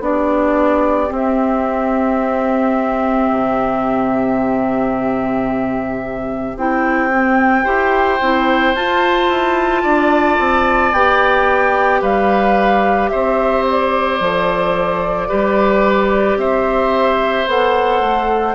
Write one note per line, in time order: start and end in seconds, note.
0.00 1.09 B3
0.00 1.07 D4
0.00 7.63 G4
0.00 1.12 D5
1.07 6.52 C4
1.07 3.29 C4
1.14 6.57 E5
3.30 6.56 C3
6.56 7.65 C4
6.56 7.09 E4
6.56 8.75 G5
7.09 7.64 C4
7.63 8.20 E4
7.63 8.18 G4
7.63 9.81 C5
8.20 8.74 C4
8.20 8.75 E4
8.74 9.29 F4
8.74 10.93 F4
8.74 10.92 A5
9.29 9.83 E4
9.83 10.38 D4
9.83 12.01 D5
10.38 10.92 C4
10.92 12.01 B3
10.92 14.20 G4
10.92 12.01 G5
12.01 13.10 G3
12.01 13.10 B4
12.01 13.08 F5
13.08 14.20 C4
13.08 15.28 C5
13.08 13.63 E5
13.70 16.39 D5
14.20 15.29 F3
14.20 15.28 A4
15.28 16.36 G3
15.28 17.47 G4
15.28 16.37 B4
16.36 17.45 C4
16.36 18.54 C5
16.36 17.48 E5
17.47 18.00 B3
17.47 18.54 A4
17.47 18.54 F#5
18.00 18.54 A3